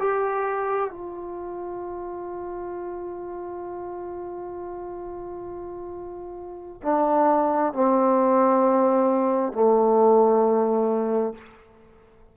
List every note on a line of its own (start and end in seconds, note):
0.00 0.90 G4
0.90 6.81 F4
6.83 7.74 D4
7.74 9.53 C4
9.53 11.35 A3